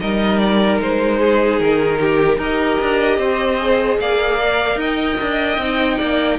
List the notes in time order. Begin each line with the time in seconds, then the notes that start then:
0.00 G3 D#4 A#4 D#5
0.39 D5
0.80 G#3 C5
1.20 G#4
1.60 D#3 A#4
2.01 G4
2.38 D#4 G4 A#4 D#5
2.81 D4
3.18 C4 C5
3.61 G#4
4.00 A#3 D5 F5
4.42 A#4
4.76 D#4 D#5 G5
5.21 D4
5.58 C4 D#4
5.98 A#3 D5